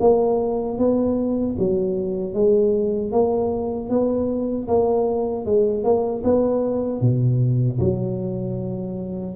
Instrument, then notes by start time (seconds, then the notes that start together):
tuba
0.00 A#3
0.78 B3
1.58 F#3
2.34 G#3
3.12 A#3
3.89 B3
4.68 A#3
5.45 G#3
5.84 A#3
6.24 B3
7.01 B2
7.80 F#3